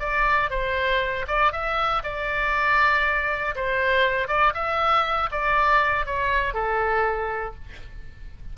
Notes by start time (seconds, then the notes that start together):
0.00 D5
0.50 C5
1.28 D5
1.52 E5
2.04 D5
3.55 C5
4.28 D5
4.54 E5
5.31 D5
6.06 C#5
6.54 A4